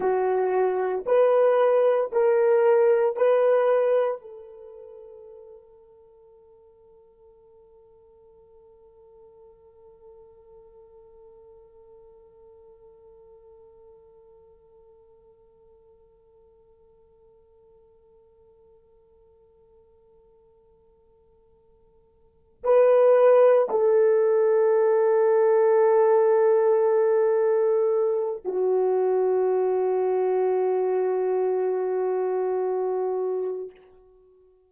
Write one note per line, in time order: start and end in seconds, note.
0.00 1.04 F#4
1.06 2.11 B4
2.11 3.16 A#4
3.16 4.21 B4
4.21 22.63 A4
22.63 23.68 B4
23.69 28.43 A4
28.44 33.71 F#4